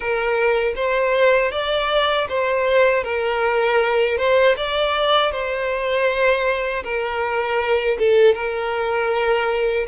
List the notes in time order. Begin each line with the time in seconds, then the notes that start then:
0.00 A#4
0.75 C5
1.51 D5
2.29 C5
3.03 A#4
4.17 C5
4.56 D5
5.31 C5
6.83 A#4
7.98 A4
8.34 A#4